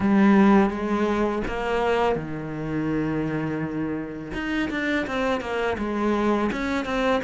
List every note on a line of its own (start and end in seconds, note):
0.00 0.70 G3
0.70 1.42 G#3
1.47 2.15 A#3
2.15 4.32 D#3
4.33 4.69 D#4
4.70 5.06 D4
5.06 5.40 C4
5.40 5.76 A#3
5.78 6.50 G#3
6.52 6.85 C#4
6.85 7.21 C4